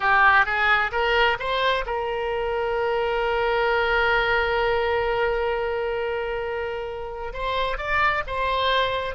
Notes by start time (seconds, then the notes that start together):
0.00 G4
0.45 G#4
0.91 A#4
1.39 C5
1.86 A#4
7.33 C5
7.77 D5
8.26 C5